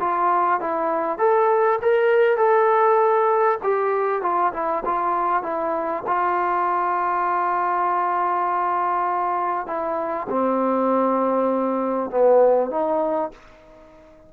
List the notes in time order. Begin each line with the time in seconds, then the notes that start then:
0.00 F4
0.60 E4
1.18 A4
1.81 A#4
2.37 A4
3.63 G4
4.22 F4
4.53 E4
4.85 F4
5.43 E4
6.07 F4
9.67 E4
10.30 C4
12.10 B3
12.70 D#4